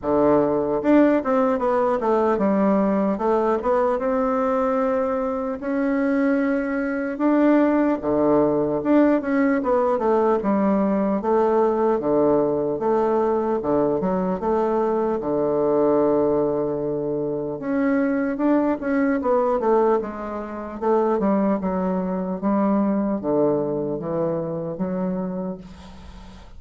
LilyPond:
\new Staff \with { instrumentName = "bassoon" } { \time 4/4 \tempo 4 = 75 d4 d'8 c'8 b8 a8 g4 | a8 b8 c'2 cis'4~ | cis'4 d'4 d4 d'8 cis'8 | b8 a8 g4 a4 d4 |
a4 d8 fis8 a4 d4~ | d2 cis'4 d'8 cis'8 | b8 a8 gis4 a8 g8 fis4 | g4 d4 e4 fis4 | }